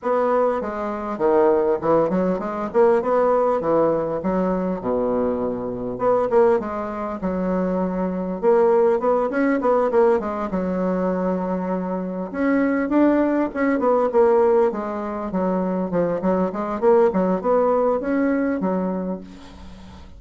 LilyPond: \new Staff \with { instrumentName = "bassoon" } { \time 4/4 \tempo 4 = 100 b4 gis4 dis4 e8 fis8 | gis8 ais8 b4 e4 fis4 | b,2 b8 ais8 gis4 | fis2 ais4 b8 cis'8 |
b8 ais8 gis8 fis2~ fis8~ | fis8 cis'4 d'4 cis'8 b8 ais8~ | ais8 gis4 fis4 f8 fis8 gis8 | ais8 fis8 b4 cis'4 fis4 | }